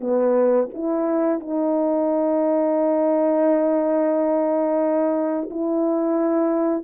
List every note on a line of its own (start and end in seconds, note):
0.00 0.68 B3
0.73 1.40 E4
1.40 5.49 D#4
5.50 6.83 E4